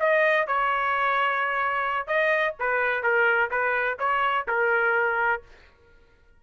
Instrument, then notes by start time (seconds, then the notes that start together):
trumpet
0.00 D#5
0.47 C#5
2.07 D#5
2.59 B4
3.03 A#4
3.51 B4
3.99 C#5
4.48 A#4